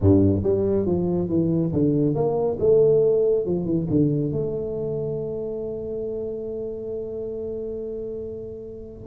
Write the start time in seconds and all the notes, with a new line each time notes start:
0.00 G2
0.43 G3
0.85 F3
1.28 E3
1.72 D3
2.14 A#3
2.59 A3
3.45 F3
3.65 E3
3.89 D3
4.32 A3